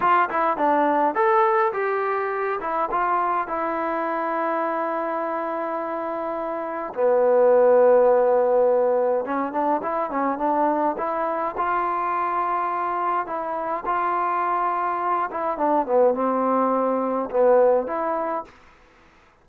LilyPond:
\new Staff \with { instrumentName = "trombone" } { \time 4/4 \tempo 4 = 104 f'8 e'8 d'4 a'4 g'4~ | g'8 e'8 f'4 e'2~ | e'1 | b1 |
cis'8 d'8 e'8 cis'8 d'4 e'4 | f'2. e'4 | f'2~ f'8 e'8 d'8 b8 | c'2 b4 e'4 | }